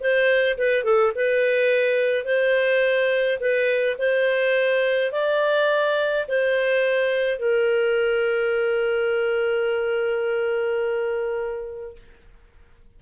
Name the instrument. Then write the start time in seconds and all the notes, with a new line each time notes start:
clarinet
0.00 C5
0.57 B4
0.84 A4
1.15 B4
2.24 C5
3.39 B4
3.98 C5
5.12 D5
6.28 C5
7.39 A#4